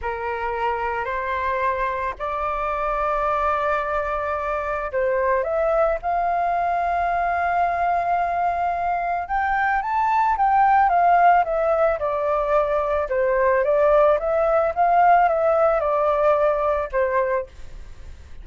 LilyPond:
\new Staff \with { instrumentName = "flute" } { \time 4/4 \tempo 4 = 110 ais'2 c''2 | d''1~ | d''4 c''4 e''4 f''4~ | f''1~ |
f''4 g''4 a''4 g''4 | f''4 e''4 d''2 | c''4 d''4 e''4 f''4 | e''4 d''2 c''4 | }